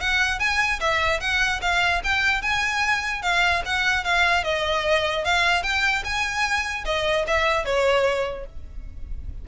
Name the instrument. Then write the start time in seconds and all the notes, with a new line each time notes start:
violin
0.00 F#5
0.39 G#5
0.80 E5
1.20 F#5
1.61 F5
2.03 G5
2.41 G#5
3.22 F5
3.65 F#5
4.04 F5
4.43 D#5
5.24 F5
5.63 G5
6.04 G#5
6.85 D#5
7.27 E5
7.65 C#5